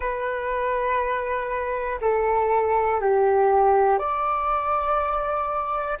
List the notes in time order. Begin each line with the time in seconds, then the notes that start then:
0.00 B4
2.00 A4
3.00 G4
3.98 D5